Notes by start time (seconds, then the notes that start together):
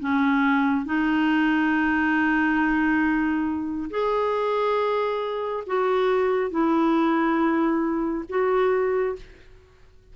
0.00 C#4
0.86 D#4
3.90 G#4
5.67 F#4
6.51 E4
8.29 F#4